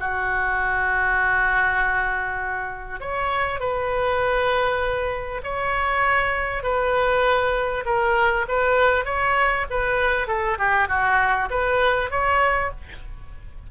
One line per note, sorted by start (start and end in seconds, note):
0.00 3.01 F#4
3.01 3.60 C#5
3.60 5.42 B4
5.44 6.63 C#5
6.63 7.84 B4
7.86 8.46 A#4
8.48 9.05 B4
9.05 9.66 C#5
9.70 10.28 B4
10.28 10.58 A4
10.58 10.88 G4
10.88 11.49 F#4
11.51 12.11 B4
12.11 12.71 C#5